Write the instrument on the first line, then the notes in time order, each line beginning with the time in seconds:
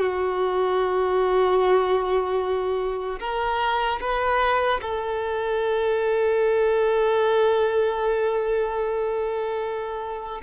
violin
0.00 F#4
3.20 A#4
4.01 B4
4.82 A4